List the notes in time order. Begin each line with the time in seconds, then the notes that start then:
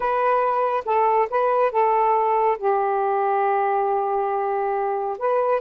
0.00 B4
0.85 A4
1.30 B4
1.71 A4
2.58 G4
5.18 B4